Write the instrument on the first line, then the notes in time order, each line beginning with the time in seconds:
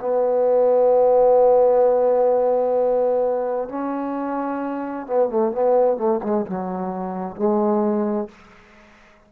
trombone
0.00 B3
3.68 C#4
5.06 B3
5.29 A3
5.52 B3
5.97 A3
6.23 G#3
6.46 F#3
7.36 G#3